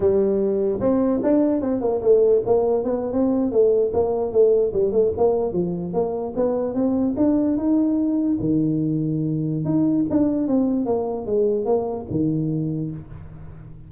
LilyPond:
\new Staff \with { instrumentName = "tuba" } { \time 4/4 \tempo 4 = 149 g2 c'4 d'4 | c'8 ais8 a4 ais4 b8. c'16~ | c'8. a4 ais4 a4 g16~ | g16 a8 ais4 f4 ais4 b16~ |
b8. c'4 d'4 dis'4~ dis'16~ | dis'8. dis2.~ dis16 | dis'4 d'4 c'4 ais4 | gis4 ais4 dis2 | }